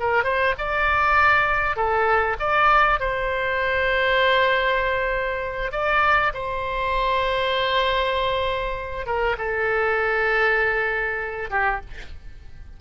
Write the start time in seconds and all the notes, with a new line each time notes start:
0.00 A#4
0.24 C5
0.58 D5
1.76 A4
2.40 D5
3.00 C5
5.72 D5
6.34 C5
9.06 A#4
9.38 A4
11.51 G4